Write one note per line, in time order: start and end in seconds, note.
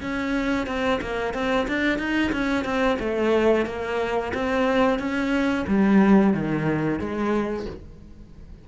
0.00 0.66 C#4
0.66 0.99 C4
1.01 1.33 A#3
1.33 1.67 C4
1.67 1.98 D4
1.98 2.32 D#4
2.32 2.64 C#4
2.64 2.98 C4
2.99 3.65 A3
3.65 4.32 A#3
4.33 4.98 C4
4.98 5.65 C#4
5.67 6.33 G3
6.33 6.99 D#3
6.99 7.65 G#3